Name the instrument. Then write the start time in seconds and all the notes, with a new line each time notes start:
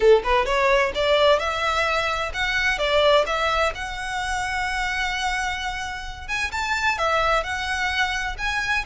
violin
0.00 A4
0.23 B4
0.45 C#5
0.94 D5
1.39 E5
2.33 F#5
2.78 D5
3.26 E5
3.74 F#5
6.28 G#5
6.51 A5
6.97 E5
7.43 F#5
8.38 G#5